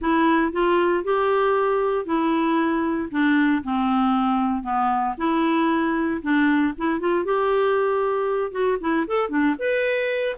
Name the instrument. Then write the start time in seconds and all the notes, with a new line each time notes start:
clarinet
0.01 E4
0.52 F4
1.03 G4
2.05 E4
3.11 D4
3.63 C4
4.63 B3
5.17 E4
6.22 D4
6.77 E4
7.00 F4
7.25 G4
8.51 F#4
8.80 E4
9.07 A4
9.29 D4
9.58 B4